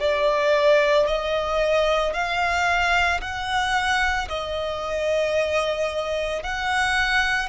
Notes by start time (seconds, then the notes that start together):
0.00 D5
1.07 D#5
2.14 F5
3.21 F#5
4.29 D#5
6.43 F#5